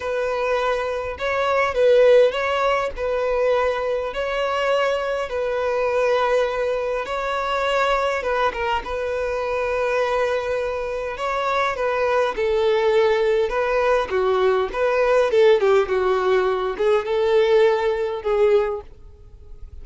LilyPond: \new Staff \with { instrumentName = "violin" } { \time 4/4 \tempo 4 = 102 b'2 cis''4 b'4 | cis''4 b'2 cis''4~ | cis''4 b'2. | cis''2 b'8 ais'8 b'4~ |
b'2. cis''4 | b'4 a'2 b'4 | fis'4 b'4 a'8 g'8 fis'4~ | fis'8 gis'8 a'2 gis'4 | }